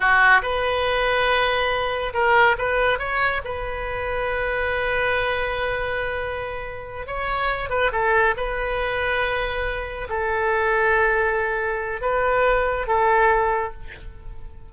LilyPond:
\new Staff \with { instrumentName = "oboe" } { \time 4/4 \tempo 4 = 140 fis'4 b'2.~ | b'4 ais'4 b'4 cis''4 | b'1~ | b'1~ |
b'8 cis''4. b'8 a'4 b'8~ | b'2.~ b'8 a'8~ | a'1 | b'2 a'2 | }